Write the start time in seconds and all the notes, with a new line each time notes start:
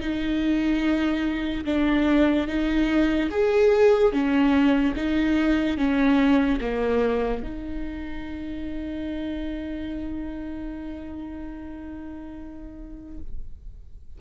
0.00 D#4
1.65 D4
2.47 D#4
3.30 G#4
4.12 C#4
4.95 D#4
5.77 C#4
6.61 A#3
7.43 D#4